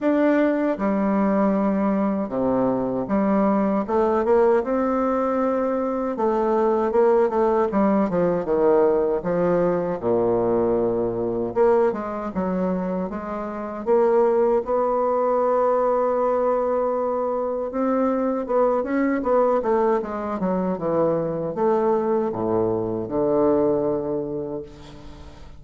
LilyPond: \new Staff \with { instrumentName = "bassoon" } { \time 4/4 \tempo 4 = 78 d'4 g2 c4 | g4 a8 ais8 c'2 | a4 ais8 a8 g8 f8 dis4 | f4 ais,2 ais8 gis8 |
fis4 gis4 ais4 b4~ | b2. c'4 | b8 cis'8 b8 a8 gis8 fis8 e4 | a4 a,4 d2 | }